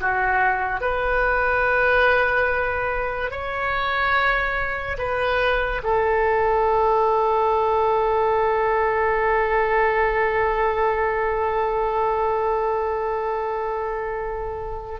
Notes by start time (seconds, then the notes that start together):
0.00 F#4
0.80 B4
3.30 C#5
4.98 B4
5.83 A4